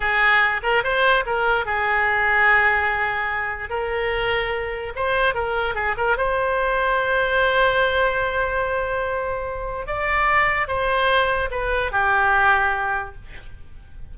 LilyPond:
\new Staff \with { instrumentName = "oboe" } { \time 4/4 \tempo 4 = 146 gis'4. ais'8 c''4 ais'4 | gis'1~ | gis'4 ais'2. | c''4 ais'4 gis'8 ais'8 c''4~ |
c''1~ | c''1 | d''2 c''2 | b'4 g'2. | }